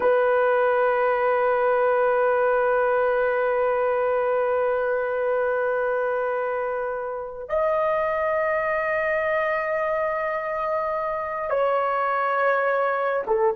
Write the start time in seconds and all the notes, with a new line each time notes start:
0.00 B4
7.48 D#5
11.50 C#5
13.27 A4